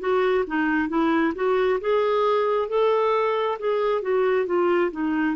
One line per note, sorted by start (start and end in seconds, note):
0.00 0.45 F#4
0.47 0.89 D#4
0.89 1.34 E4
1.35 1.80 F#4
1.81 2.69 G#4
2.69 3.58 A4
3.59 4.02 G#4
4.02 4.47 F#4
4.47 4.91 F4
4.92 5.36 D#4